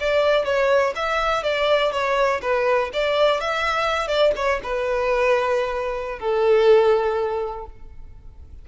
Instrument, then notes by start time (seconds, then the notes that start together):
violin
0.00 D5
0.45 C#5
0.96 E5
1.43 D5
1.92 C#5
2.42 B4
2.93 D5
3.40 E5
4.08 D5
4.36 C#5
4.63 B4
6.19 A4